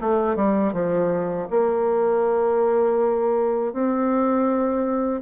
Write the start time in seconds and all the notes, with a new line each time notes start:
0.00 A3
0.35 G3
0.73 F3
1.50 A#3
3.73 C4